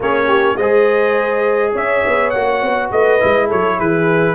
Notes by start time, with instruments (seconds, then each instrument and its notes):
0.00 tuba A#3, trombone C#4, horn G#4, trumpet C#5
0.27 horn G4
0.56 tuba G#3, trombone G#4, horn C5, trumpet D#5
1.72 tuba C#4, horn C#5, trumpet E5
2.06 tuba B3
2.30 tuba A#3, trombone F#4, trumpet F#5
2.61 tuba B3
2.91 tuba A3, horn B4, trumpet D#5
3.20 tuba G#3, trombone E4
3.47 tuba F#3, horn A4, trumpet C#5
3.78 tuba E3, horn G#4, trumpet B4